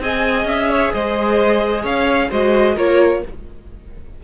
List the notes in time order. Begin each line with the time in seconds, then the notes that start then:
0.00 C4 G#4 D#5 G#5
0.45 C#4 E5
0.70 C#5
0.93 G#3 C5 D#5
1.82 C#4 C#5 F5
2.30 G#3 F#4 C5 D#5
2.75 A#3 F4 A#4 C#5